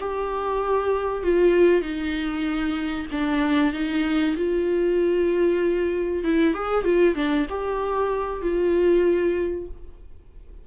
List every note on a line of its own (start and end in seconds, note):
0.00 1.23 G4
1.23 1.82 F4
1.82 3.07 D#4
3.12 3.73 D4
3.73 4.36 D#4
4.37 6.24 F4
6.24 6.54 E4
6.54 6.84 G#4
6.84 7.15 F4
7.15 7.46 D4
7.50 8.42 G4
8.42 9.67 F4